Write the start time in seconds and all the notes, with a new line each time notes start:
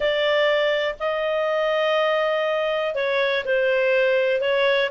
0.00 D5
0.99 D#5
2.95 C#5
3.45 C5
4.41 C#5